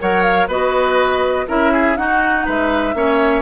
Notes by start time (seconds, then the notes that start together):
0.00 F#3 A#4 C#5 F#5
0.23 F5
0.48 B3 F#4 B4 D#5
1.47 C#4 E4 A#4 E5
1.72 G#4
1.96 D#4 F#4 F#5
2.45 G#3 B4 E5
2.94 A#3 C#4 C#5